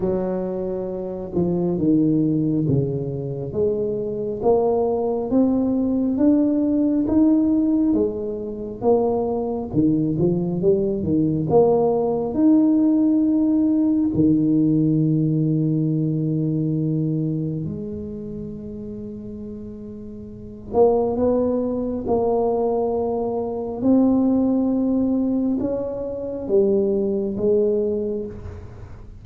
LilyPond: \new Staff \with { instrumentName = "tuba" } { \time 4/4 \tempo 4 = 68 fis4. f8 dis4 cis4 | gis4 ais4 c'4 d'4 | dis'4 gis4 ais4 dis8 f8 | g8 dis8 ais4 dis'2 |
dis1 | gis2.~ gis8 ais8 | b4 ais2 c'4~ | c'4 cis'4 g4 gis4 | }